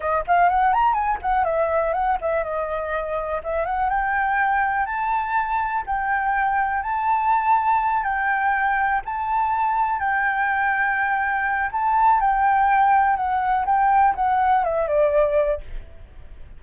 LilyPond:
\new Staff \with { instrumentName = "flute" } { \time 4/4 \tempo 4 = 123 dis''8 f''8 fis''8 ais''8 gis''8 fis''8 e''4 | fis''8 e''8 dis''2 e''8 fis''8 | g''2 a''2 | g''2 a''2~ |
a''8 g''2 a''4.~ | a''8 g''2.~ g''8 | a''4 g''2 fis''4 | g''4 fis''4 e''8 d''4. | }